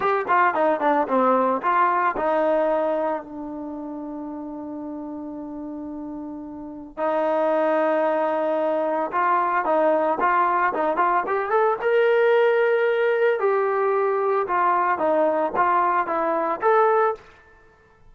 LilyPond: \new Staff \with { instrumentName = "trombone" } { \time 4/4 \tempo 4 = 112 g'8 f'8 dis'8 d'8 c'4 f'4 | dis'2 d'2~ | d'1~ | d'4 dis'2.~ |
dis'4 f'4 dis'4 f'4 | dis'8 f'8 g'8 a'8 ais'2~ | ais'4 g'2 f'4 | dis'4 f'4 e'4 a'4 | }